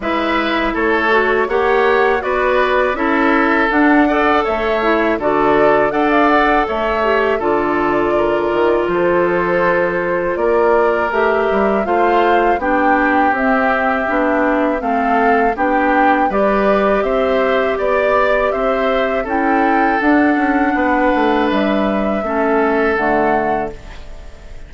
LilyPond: <<
  \new Staff \with { instrumentName = "flute" } { \time 4/4 \tempo 4 = 81 e''4 cis''4 fis''4 d''4 | e''4 fis''4 e''4 d''4 | fis''16 f''16 fis''8 e''4 d''2 | c''2 d''4 e''4 |
f''4 g''4 e''2 | f''4 g''4 d''4 e''4 | d''4 e''4 g''4 fis''4~ | fis''4 e''2 fis''4 | }
  \new Staff \with { instrumentName = "oboe" } { \time 4/4 b'4 a'4 cis''4 b'4 | a'4. d''8 cis''4 a'4 | d''4 cis''4 a'4 ais'4 | a'2 ais'2 |
c''4 g'2. | a'4 g'4 b'4 c''4 | d''4 c''4 a'2 | b'2 a'2 | }
  \new Staff \with { instrumentName = "clarinet" } { \time 4/4 e'4. fis'8 g'4 fis'4 | e'4 d'8 a'4 e'8 fis'4 | a'4. g'8 f'2~ | f'2. g'4 |
f'4 d'4 c'4 d'4 | c'4 d'4 g'2~ | g'2 e'4 d'4~ | d'2 cis'4 a4 | }
  \new Staff \with { instrumentName = "bassoon" } { \time 4/4 gis4 a4 ais4 b4 | cis'4 d'4 a4 d4 | d'4 a4 d4. dis8 | f2 ais4 a8 g8 |
a4 b4 c'4 b4 | a4 b4 g4 c'4 | b4 c'4 cis'4 d'8 cis'8 | b8 a8 g4 a4 d4 | }
>>